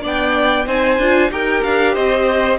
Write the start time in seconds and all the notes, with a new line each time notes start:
0.00 B3 D4 D5
0.06 G5
0.66 C4 D#4 C5 G#5
0.98 D4 F4
1.30 D#4 G4 A#4 G5
1.63 D4 F5
1.94 C4 C5 D#5